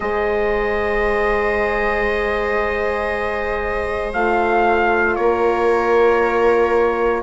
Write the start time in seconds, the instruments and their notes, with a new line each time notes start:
0.00 bassoon G#3, horn G#4, viola C5, trumpet D#5
4.13 bassoon A3, horn F4, trumpet F5
5.15 bassoon A#3, viola A#4, trumpet C#5